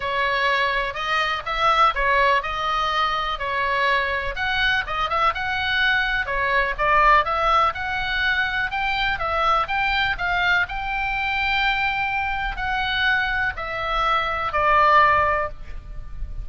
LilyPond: \new Staff \with { instrumentName = "oboe" } { \time 4/4 \tempo 4 = 124 cis''2 dis''4 e''4 | cis''4 dis''2 cis''4~ | cis''4 fis''4 dis''8 e''8 fis''4~ | fis''4 cis''4 d''4 e''4 |
fis''2 g''4 e''4 | g''4 f''4 g''2~ | g''2 fis''2 | e''2 d''2 | }